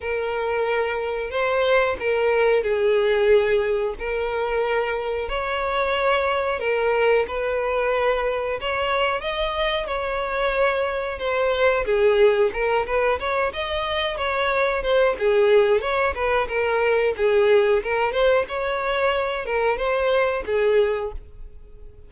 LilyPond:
\new Staff \with { instrumentName = "violin" } { \time 4/4 \tempo 4 = 91 ais'2 c''4 ais'4 | gis'2 ais'2 | cis''2 ais'4 b'4~ | b'4 cis''4 dis''4 cis''4~ |
cis''4 c''4 gis'4 ais'8 b'8 | cis''8 dis''4 cis''4 c''8 gis'4 | cis''8 b'8 ais'4 gis'4 ais'8 c''8 | cis''4. ais'8 c''4 gis'4 | }